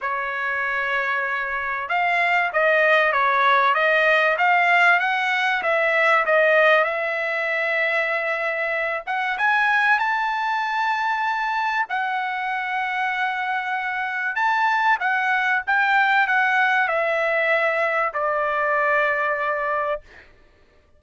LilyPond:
\new Staff \with { instrumentName = "trumpet" } { \time 4/4 \tempo 4 = 96 cis''2. f''4 | dis''4 cis''4 dis''4 f''4 | fis''4 e''4 dis''4 e''4~ | e''2~ e''8 fis''8 gis''4 |
a''2. fis''4~ | fis''2. a''4 | fis''4 g''4 fis''4 e''4~ | e''4 d''2. | }